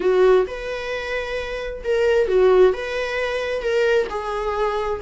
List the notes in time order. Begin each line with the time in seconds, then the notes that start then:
0.00 F#4
0.47 B4
1.83 A#4
2.27 F#4
2.73 B4
3.61 A#4
4.09 G#4